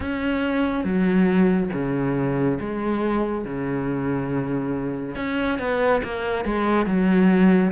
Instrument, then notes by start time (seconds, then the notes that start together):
cello
0.00 C#4
0.84 F#3
1.73 C#3
2.59 G#3
3.44 C#3
5.15 C#4
5.58 B3
6.04 A#3
6.44 G#3
6.86 F#3